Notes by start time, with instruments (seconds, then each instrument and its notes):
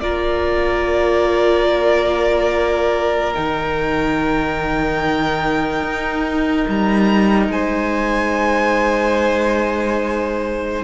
0.00 cello A#3, viola F4, violin A#4 D5
3.34 cello D#3, viola D#4, violin G5
5.83 cello D#4
6.68 cello G3, violin A#5
7.48 cello G#3, violin C5 G#5